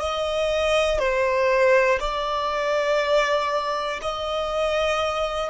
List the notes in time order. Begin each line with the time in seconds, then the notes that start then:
0.00 D#5
0.99 C5
2.00 D5
4.01 D#5